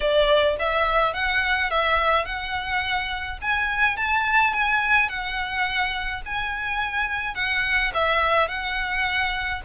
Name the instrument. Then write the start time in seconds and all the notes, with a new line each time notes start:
violin
0.00 D5
0.59 E5
1.13 F#5
1.70 E5
2.25 F#5
3.41 G#5
3.96 A5
4.53 G#5
5.08 F#5
6.25 G#5
7.34 F#5
7.93 E5
8.48 F#5